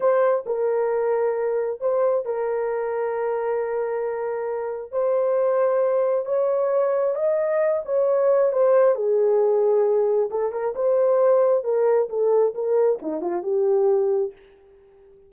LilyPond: \new Staff \with { instrumentName = "horn" } { \time 4/4 \tempo 4 = 134 c''4 ais'2. | c''4 ais'2.~ | ais'2. c''4~ | c''2 cis''2 |
dis''4. cis''4. c''4 | gis'2. a'8 ais'8 | c''2 ais'4 a'4 | ais'4 dis'8 f'8 g'2 | }